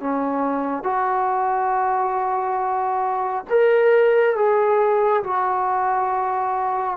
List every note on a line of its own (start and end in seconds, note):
0.00 0.83 C#4
0.83 3.44 F#4
3.49 4.36 A#4
4.36 5.23 G#4
5.23 6.97 F#4